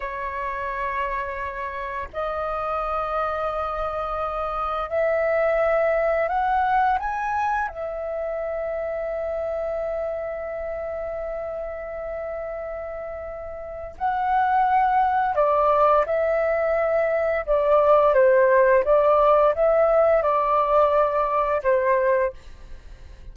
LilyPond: \new Staff \with { instrumentName = "flute" } { \time 4/4 \tempo 4 = 86 cis''2. dis''4~ | dis''2. e''4~ | e''4 fis''4 gis''4 e''4~ | e''1~ |
e''1 | fis''2 d''4 e''4~ | e''4 d''4 c''4 d''4 | e''4 d''2 c''4 | }